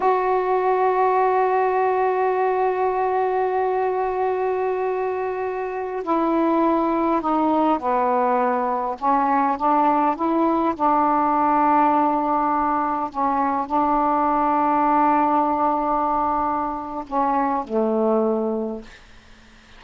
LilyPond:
\new Staff \with { instrumentName = "saxophone" } { \time 4/4 \tempo 4 = 102 fis'1~ | fis'1~ | fis'2~ fis'16 e'4.~ e'16~ | e'16 dis'4 b2 cis'8.~ |
cis'16 d'4 e'4 d'4.~ d'16~ | d'2~ d'16 cis'4 d'8.~ | d'1~ | d'4 cis'4 a2 | }